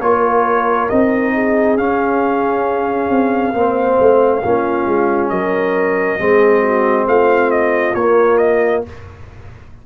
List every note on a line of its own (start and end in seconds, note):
0.00 0.88 A#3
0.00 0.89 F4
0.00 1.34 A#4
0.00 0.89 C#5
0.89 1.78 C4
0.89 1.77 D#4
0.89 1.77 D#5
1.34 3.54 G#4
1.77 3.53 C#4
1.77 3.09 C#4
1.77 5.29 F5
3.09 3.53 C4
3.53 3.98 A#3
3.53 4.42 C4
3.53 4.43 C5
3.99 4.44 A3
4.42 4.86 A#3
4.42 6.19 C#4
4.42 5.31 F4
4.86 5.30 G#3
5.29 6.18 F#3
5.29 6.18 A#4
5.29 7.06 D#5
6.18 7.06 G#3
6.18 7.95 C4
6.18 6.61 G#4
6.61 7.05 F#4
7.06 7.94 A3
7.06 8.85 F4
7.06 7.50 F5
7.50 7.94 D#5
7.94 8.82 A#3
7.94 8.86 A#3
7.94 8.37 C#5
8.37 8.81 D#5